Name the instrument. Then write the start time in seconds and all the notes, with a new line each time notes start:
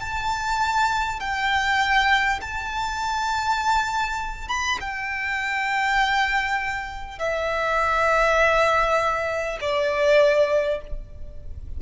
violin
0.00 A5
1.19 G5
2.41 A5
4.48 B5
4.80 G5
7.18 E5
9.60 D5